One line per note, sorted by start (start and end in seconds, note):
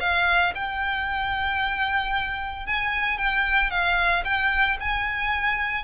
0.00 0.53 F5
0.55 2.66 G5
2.66 3.17 G#5
3.17 3.70 G5
3.70 4.23 F5
4.24 4.77 G5
4.80 5.84 G#5